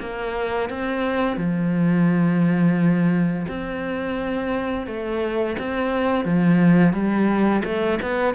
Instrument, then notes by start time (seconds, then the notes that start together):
cello
0.00 A#3
0.69 C4
1.37 F3
3.48 C4
4.86 A3
5.58 C4
6.25 F3
6.93 G3
7.64 A3
8.02 B3